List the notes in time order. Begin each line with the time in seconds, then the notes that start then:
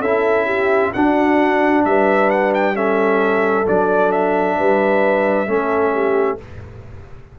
0.00 C#4 E4 A4 E5
0.45 G4
0.93 D4 F#4 F#5
1.85 G3 B4 E5
2.30 F#5
2.54 G5
2.75 C#4 A4 E5
3.66 F#3 D4 D5
4.11 E5
4.57 G3 B4
5.47 A3 C#4 A4
5.93 G4